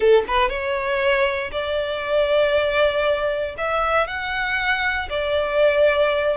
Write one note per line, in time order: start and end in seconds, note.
0.00 0.24 A4
0.27 0.49 B4
0.49 1.50 C#5
1.51 3.55 D5
3.57 4.07 E5
4.07 5.08 F#5
5.09 6.36 D5